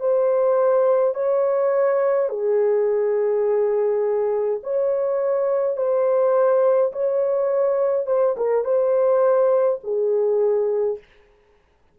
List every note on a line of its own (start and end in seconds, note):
0.00 1.14 C5
1.14 2.29 C#5
2.29 4.60 G#4
4.63 5.77 C#5
5.77 6.92 C5
6.92 8.07 C#5
8.07 8.35 C5
8.37 8.64 A#4
8.64 9.80 C5
9.83 10.99 G#4